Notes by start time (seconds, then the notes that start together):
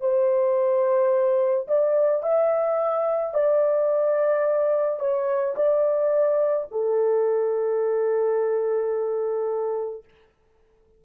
0.00 C5
1.67 D5
2.22 E5
3.33 D5
4.99 C#5
5.56 D5
6.71 A4